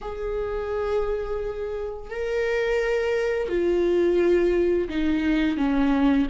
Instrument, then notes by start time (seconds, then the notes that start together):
viola
0.01 G#4
2.09 A#4
3.49 F4
4.88 D#4
5.57 C#4